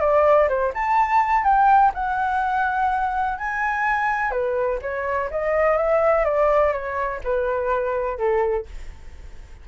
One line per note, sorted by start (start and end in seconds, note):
0.00 0.48 D5
0.48 0.72 C5
0.74 1.44 A5
1.44 1.92 G5
1.94 3.38 F#5
3.38 4.31 G#5
4.31 4.79 B4
4.82 5.30 C#5
5.30 5.77 D#5
5.77 6.24 E5
6.24 6.72 D5
6.72 7.20 C#5
7.23 8.18 B4
8.18 8.66 A4